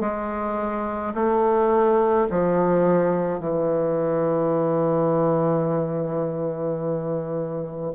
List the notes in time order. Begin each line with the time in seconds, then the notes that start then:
0.00 G#3
1.14 A3
2.31 F3
3.40 E3